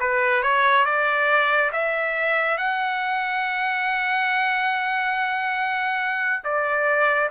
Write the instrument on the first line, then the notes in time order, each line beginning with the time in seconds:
trumpet
0.00 B4
0.43 C#5
0.85 D5
1.72 E5
2.58 F#5
6.44 D5